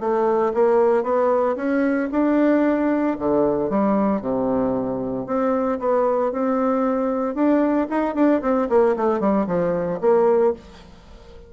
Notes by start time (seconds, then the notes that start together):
0.00 A3
0.54 A#3
1.03 B3
1.56 C#4
2.12 D4
3.19 D3
3.70 G3
4.21 C3
5.26 C4
5.79 B3
6.32 C4
7.35 D4
7.90 D#4
8.15 D4
8.42 C4
8.69 A#3
8.96 A3
9.20 G3
9.47 F3
10.01 A#3